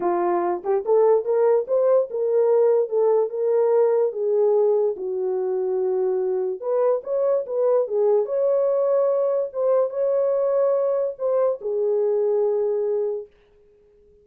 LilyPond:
\new Staff \with { instrumentName = "horn" } { \time 4/4 \tempo 4 = 145 f'4. g'8 a'4 ais'4 | c''4 ais'2 a'4 | ais'2 gis'2 | fis'1 |
b'4 cis''4 b'4 gis'4 | cis''2. c''4 | cis''2. c''4 | gis'1 | }